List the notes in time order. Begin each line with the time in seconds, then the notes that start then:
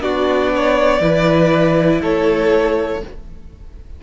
0.00 B3 D4 F#4 D5
0.55 C#5
1.00 E3 E4 B4
2.01 A3 A4 C#5